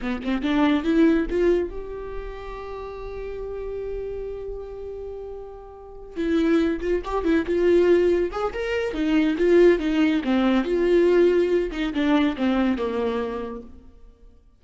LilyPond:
\new Staff \with { instrumentName = "viola" } { \time 4/4 \tempo 4 = 141 b8 c'8 d'4 e'4 f'4 | g'1~ | g'1~ | g'2~ g'8 e'4. |
f'8 g'8 e'8 f'2 gis'8 | ais'4 dis'4 f'4 dis'4 | c'4 f'2~ f'8 dis'8 | d'4 c'4 ais2 | }